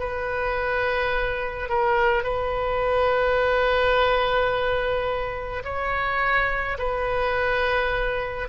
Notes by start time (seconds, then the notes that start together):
0.00 B4
1.69 A#4
2.24 B4
5.65 C#5
6.79 B4